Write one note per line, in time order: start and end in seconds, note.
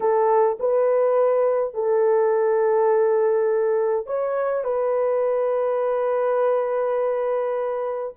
0.00 0.57 A4
0.59 1.73 B4
1.73 4.06 A4
4.06 4.64 C#5
4.64 8.13 B4